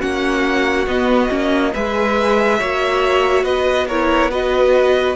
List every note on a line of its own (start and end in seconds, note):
0.00 0.86 A#3
0.00 0.86 C#4
0.00 1.71 F#4
0.00 0.86 F#5
0.86 1.29 B3
0.86 1.73 D#5
1.29 1.73 A#3
1.29 1.72 C#4
1.72 2.61 G#3
1.72 2.59 G#4
1.72 2.58 B4
1.72 3.44 E5
2.58 3.43 A#3
2.58 3.87 F#4
2.58 3.43 C#5
3.43 5.14 B3
3.43 3.86 B4
3.43 3.87 D#5
3.87 4.30 E4
3.87 4.30 A#4
3.87 4.31 C#5
4.30 5.16 F#4
4.30 5.16 B4
4.30 5.16 D#5